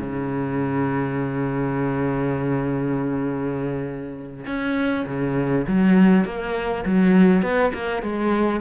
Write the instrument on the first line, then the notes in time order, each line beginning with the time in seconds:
cello
0.00 C#3
4.47 C#4
5.07 C#3
5.68 F#3
6.25 A#3
6.86 F#3
7.43 B3
7.74 A#3
8.03 G#3